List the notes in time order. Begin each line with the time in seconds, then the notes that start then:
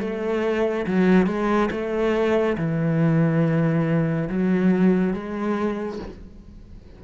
0.00 A3
0.86 F#3
1.26 G#3
1.71 A3
2.57 E3
4.29 F#3
5.13 G#3